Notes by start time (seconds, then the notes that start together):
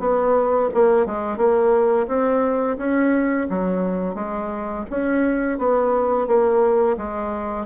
0.00 B3
0.74 A#3
1.06 G#3
1.37 A#3
2.08 C4
2.78 C#4
3.50 F#3
4.15 G#3
4.91 C#4
5.59 B3
6.27 A#3
6.97 G#3